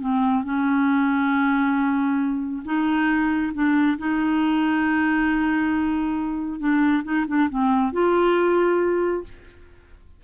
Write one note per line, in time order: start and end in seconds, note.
0.00 0.44 C4
0.44 2.63 C#4
2.65 3.53 D#4
3.54 3.98 D4
3.98 6.59 D#4
6.59 7.03 D4
7.04 7.26 D#4
7.27 7.49 D4
7.49 7.92 C4
7.92 9.24 F4